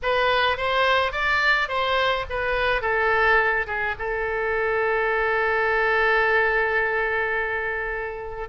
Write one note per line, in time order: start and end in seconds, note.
0.02 0.57 B4
0.57 1.12 C5
1.12 1.68 D5
1.68 2.25 C5
2.29 2.81 B4
2.81 3.66 A4
3.66 3.95 G#4
3.99 8.48 A4